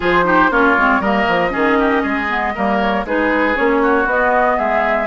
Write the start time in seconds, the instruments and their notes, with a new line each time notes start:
0.00 bassoon F3, clarinet F4, oboe G#4, flute C5
0.24 clarinet D#4, oboe G4
0.50 bassoon A#3, clarinet C#4, oboe F4, flute C#5
0.77 bassoon G#3, clarinet C4
1.00 bassoon G3, clarinet A#3, oboe A#4, flute D#5
1.28 bassoon F3
1.50 bassoon D#3, clarinet C#4, oboe G#4
1.79 oboe G4
2.02 bassoon G#3, oboe G#4
2.28 clarinet B3
2.55 bassoon G3, clarinet A#3, oboe A#4
2.80 flute C#5
3.04 bassoon G#3, clarinet D#4, oboe G#4, flute B4
3.54 bassoon A#3, clarinet C#4, flute C#5
3.82 oboe F#4
4.05 bassoon B3, clarinet B3, flute D#5
4.57 bassoon G#3, oboe G#4, flute E5